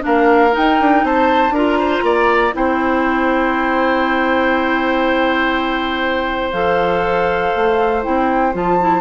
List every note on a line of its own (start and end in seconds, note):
0.00 0.56 A#3
0.00 0.50 D4
0.00 1.05 A#4
0.00 0.55 F5
0.52 1.52 D#4
0.52 0.80 D#4
0.52 1.06 G5
0.80 1.04 D4
1.04 1.50 C4
1.04 1.54 C5
1.04 1.55 A5
1.50 2.00 D4
1.50 1.78 A#4
1.50 2.55 A#5
1.56 2.52 F4
1.78 2.03 C5
2.03 2.53 A#3
2.03 2.55 D5
2.52 6.53 C4
2.52 6.52 E4
2.52 9.01 C5
2.52 6.52 G5
6.52 7.53 F3
6.52 8.03 A4
6.52 8.02 F5
7.55 8.05 A3
8.03 8.54 C4
8.03 8.53 E4
8.03 8.54 G5
8.53 9.01 F3
8.53 8.78 F4
8.53 9.01 A5
8.80 9.01 E4